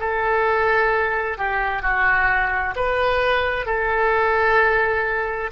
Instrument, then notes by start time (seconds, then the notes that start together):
oboe
0.00 A4
1.38 G4
1.83 F#4
2.76 B4
3.66 A4